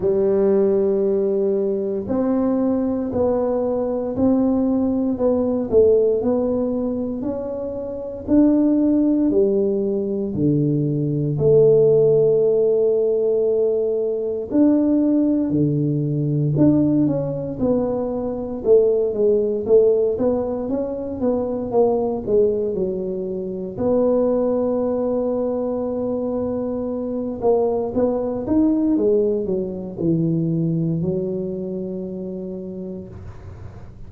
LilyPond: \new Staff \with { instrumentName = "tuba" } { \time 4/4 \tempo 4 = 58 g2 c'4 b4 | c'4 b8 a8 b4 cis'4 | d'4 g4 d4 a4~ | a2 d'4 d4 |
d'8 cis'8 b4 a8 gis8 a8 b8 | cis'8 b8 ais8 gis8 fis4 b4~ | b2~ b8 ais8 b8 dis'8 | gis8 fis8 e4 fis2 | }